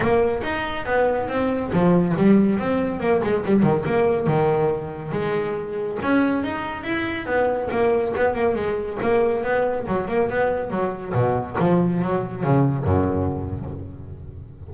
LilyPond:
\new Staff \with { instrumentName = "double bass" } { \time 4/4 \tempo 4 = 140 ais4 dis'4 b4 c'4 | f4 g4 c'4 ais8 gis8 | g8 dis8 ais4 dis2 | gis2 cis'4 dis'4 |
e'4 b4 ais4 b8 ais8 | gis4 ais4 b4 fis8 ais8 | b4 fis4 b,4 f4 | fis4 cis4 fis,2 | }